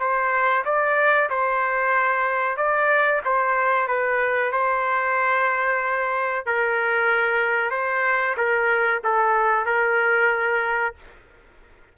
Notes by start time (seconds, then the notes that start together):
0.00 C5
0.65 D5
1.30 C5
2.57 D5
3.25 C5
3.88 B4
4.52 C5
6.46 A#4
7.71 C5
8.37 A#4
9.04 A4
9.66 A#4